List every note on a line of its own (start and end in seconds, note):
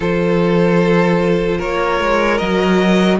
0.00 1.59 F3
0.00 2.40 F4
0.00 1.58 A4
0.00 1.60 C5
1.58 2.00 A#3
1.58 3.18 A#4
1.58 2.37 C#5
2.00 2.40 G#3
2.37 3.19 F#3
2.37 3.19 F#4
2.37 3.17 D#5